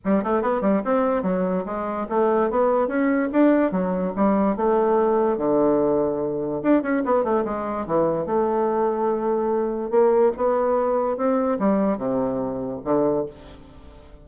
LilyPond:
\new Staff \with { instrumentName = "bassoon" } { \time 4/4 \tempo 4 = 145 g8 a8 b8 g8 c'4 fis4 | gis4 a4 b4 cis'4 | d'4 fis4 g4 a4~ | a4 d2. |
d'8 cis'8 b8 a8 gis4 e4 | a1 | ais4 b2 c'4 | g4 c2 d4 | }